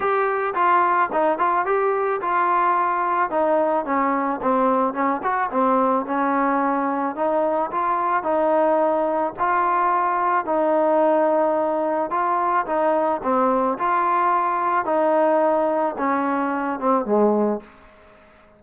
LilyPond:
\new Staff \with { instrumentName = "trombone" } { \time 4/4 \tempo 4 = 109 g'4 f'4 dis'8 f'8 g'4 | f'2 dis'4 cis'4 | c'4 cis'8 fis'8 c'4 cis'4~ | cis'4 dis'4 f'4 dis'4~ |
dis'4 f'2 dis'4~ | dis'2 f'4 dis'4 | c'4 f'2 dis'4~ | dis'4 cis'4. c'8 gis4 | }